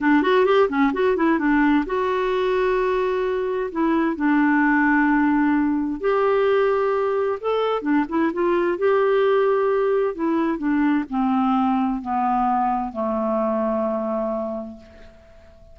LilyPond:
\new Staff \with { instrumentName = "clarinet" } { \time 4/4 \tempo 4 = 130 d'8 fis'8 g'8 cis'8 fis'8 e'8 d'4 | fis'1 | e'4 d'2.~ | d'4 g'2. |
a'4 d'8 e'8 f'4 g'4~ | g'2 e'4 d'4 | c'2 b2 | a1 | }